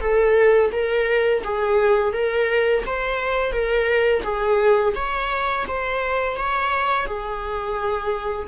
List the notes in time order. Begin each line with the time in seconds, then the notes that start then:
0.00 A4
0.72 A#4
1.44 G#4
2.13 A#4
2.86 C5
3.52 A#4
4.23 G#4
4.95 C#5
5.68 C5
6.37 C#5
7.06 G#4